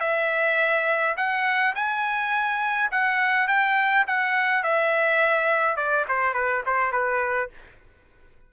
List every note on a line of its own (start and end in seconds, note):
0.00 1.15 E5
1.17 1.74 F#5
1.75 2.91 G#5
2.91 3.48 F#5
3.48 4.05 G5
4.07 4.63 F#5
4.63 5.76 E5
5.76 6.05 D5
6.08 6.34 C5
6.34 6.62 B4
6.66 6.92 C5
6.92 7.50 B4